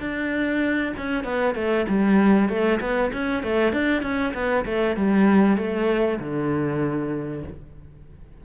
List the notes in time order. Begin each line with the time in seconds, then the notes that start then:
0.00 D4
0.97 C#4
1.24 B3
1.55 A3
1.88 G3
2.49 A3
2.80 B3
3.13 C#4
3.43 A3
3.73 D4
4.02 C#4
4.34 B3
4.65 A3
4.96 G3
5.57 A3
6.20 D3